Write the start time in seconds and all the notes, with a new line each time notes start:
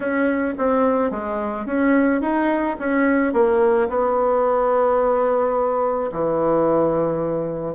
0.00 C#4
0.57 C4
1.10 G#3
1.66 C#4
2.21 D#4
2.79 C#4
3.33 A#3
3.88 B3
6.12 E3